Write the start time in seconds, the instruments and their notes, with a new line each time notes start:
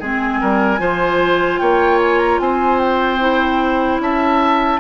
0.00 bassoon G#3, clarinet C4, oboe G#4, flute G#5
0.41 bassoon G3, oboe A#4
0.79 bassoon F3, clarinet F4, oboe C5
1.59 bassoon A#3, oboe C#5, flute G5
2.01 flute G#5
2.19 flute A#5
2.40 bassoon C4, oboe C5, flute G#5
2.79 flute G5
3.20 clarinet E4
3.99 bassoon C#4, oboe E5, flute A5